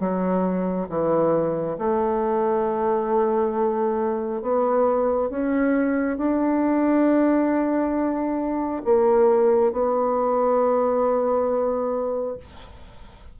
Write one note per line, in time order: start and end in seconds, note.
0.00 0.88 F#3
0.89 1.77 E3
1.78 4.42 A3
4.42 5.30 B3
5.30 6.17 C#4
6.17 8.82 D4
8.84 9.72 A#3
9.72 12.37 B3